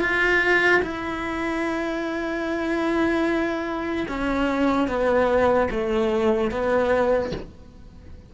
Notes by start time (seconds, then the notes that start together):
0.00 F4
0.82 E4
4.08 C#4
4.88 B3
5.71 A3
6.51 B3